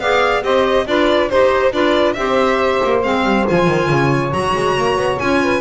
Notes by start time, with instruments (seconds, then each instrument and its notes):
0.00 double bass B3, clarinet G#4, saxophone D5, violin F5
0.43 double bass C4, clarinet G4, saxophone C5, violin D#5
0.87 double bass D4, clarinet F4, saxophone B4, violin D5
1.30 double bass D#4, clarinet G4, violin C5, saxophone C5
1.73 double bass D4, clarinet F4, saxophone B4, violin D5
2.14 double bass C4, clarinet G4, saxophone C5, violin E5
2.85 double bass A#3
3.03 double bass G#3, clarinet C4, violin F5
3.24 double bass G3
3.47 double bass F3, clarinet F4, violin G#5
3.68 double bass D#3
3.89 double bass C#3, saxophone C#5
4.32 double bass F#3, clarinet F#4, violin A#5
4.56 double bass G#3
4.78 double bass A#3
4.97 double bass B3
5.19 double bass C#4, clarinet F4, violin G#5
5.42 saxophone B4